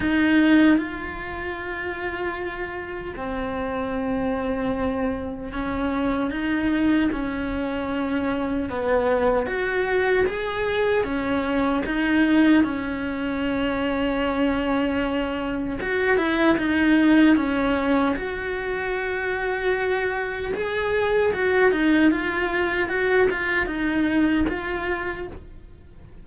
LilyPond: \new Staff \with { instrumentName = "cello" } { \time 4/4 \tempo 4 = 76 dis'4 f'2. | c'2. cis'4 | dis'4 cis'2 b4 | fis'4 gis'4 cis'4 dis'4 |
cis'1 | fis'8 e'8 dis'4 cis'4 fis'4~ | fis'2 gis'4 fis'8 dis'8 | f'4 fis'8 f'8 dis'4 f'4 | }